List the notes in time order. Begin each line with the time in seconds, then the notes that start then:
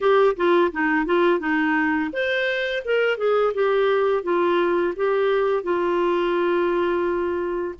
0.00 G4
0.36 F4
0.72 D#4
1.05 F4
1.39 D#4
2.12 C5
2.84 A#4
3.17 G#4
3.54 G4
4.23 F4
4.95 G4
5.63 F4